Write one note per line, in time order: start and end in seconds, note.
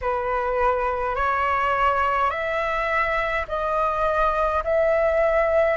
0.01 1.15 B4
1.15 2.30 C#5
2.30 3.46 E5
3.48 4.63 D#5
4.64 5.77 E5